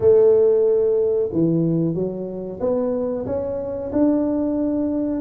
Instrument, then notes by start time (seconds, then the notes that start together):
tuba
0.00 A3
1.32 E3
1.94 F#3
2.60 B3
3.25 C#4
3.92 D4